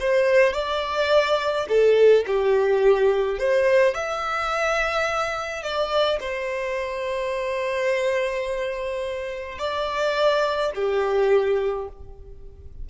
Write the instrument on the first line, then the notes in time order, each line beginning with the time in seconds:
violin
0.00 C5
0.54 D5
1.69 A4
2.27 G4
3.39 C5
3.95 E5
5.63 D5
6.20 C5
9.59 D5
10.75 G4